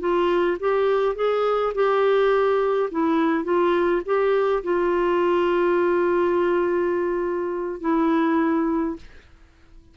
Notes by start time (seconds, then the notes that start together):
0.00 F4
0.60 G4
1.16 G#4
1.75 G4
2.91 E4
3.44 F4
4.06 G4
4.64 F4
7.81 E4